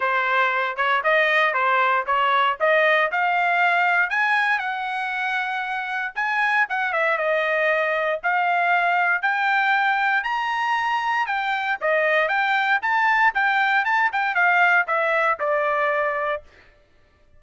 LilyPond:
\new Staff \with { instrumentName = "trumpet" } { \time 4/4 \tempo 4 = 117 c''4. cis''8 dis''4 c''4 | cis''4 dis''4 f''2 | gis''4 fis''2. | gis''4 fis''8 e''8 dis''2 |
f''2 g''2 | ais''2 g''4 dis''4 | g''4 a''4 g''4 a''8 g''8 | f''4 e''4 d''2 | }